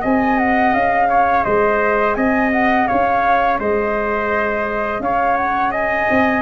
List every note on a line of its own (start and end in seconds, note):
0.00 0.73 C4
0.00 6.42 G#4
0.00 1.08 D#5
0.00 0.38 G#5
0.38 0.73 F#5
0.73 1.45 C#4
0.73 1.43 F5
1.09 1.44 C#5
1.43 2.16 G#3
1.43 2.16 C5
1.43 2.14 D#5
2.14 2.87 C4
2.14 2.87 D#5
2.14 2.49 G#5
2.52 2.87 F#5
2.87 3.59 C#4
2.87 3.59 C#5
2.87 3.58 F5
3.59 4.99 G#3
3.59 5.02 C5
3.59 5.01 D#5
4.99 6.07 C#4
4.99 5.71 C#5
4.99 5.36 F5
5.36 5.72 F#5
5.71 6.42 D#5
5.71 6.42 G#5
6.10 6.42 C4